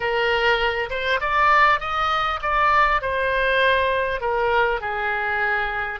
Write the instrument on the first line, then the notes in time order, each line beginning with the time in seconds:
oboe
0.00 A#4
0.90 C5
1.20 D5
1.79 D#5
2.42 D5
3.01 C5
4.20 A#4
4.80 G#4